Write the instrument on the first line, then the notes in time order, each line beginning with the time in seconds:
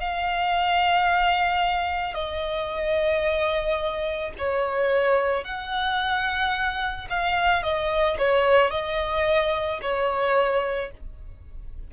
violin
0.00 F5
2.14 D#5
4.38 C#5
5.44 F#5
7.10 F5
7.63 D#5
8.18 C#5
8.71 D#5
9.82 C#5